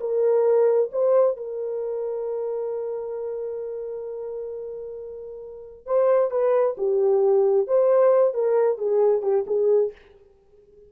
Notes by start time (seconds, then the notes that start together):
0.00 A#4
0.92 C5
1.37 A#4
5.86 C5
6.31 B4
6.78 G4
7.67 C5
8.34 A#4
8.78 G#4
9.22 G4
9.47 G#4